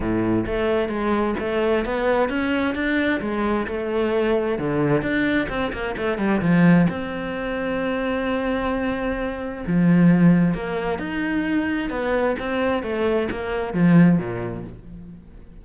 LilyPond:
\new Staff \with { instrumentName = "cello" } { \time 4/4 \tempo 4 = 131 a,4 a4 gis4 a4 | b4 cis'4 d'4 gis4 | a2 d4 d'4 | c'8 ais8 a8 g8 f4 c'4~ |
c'1~ | c'4 f2 ais4 | dis'2 b4 c'4 | a4 ais4 f4 ais,4 | }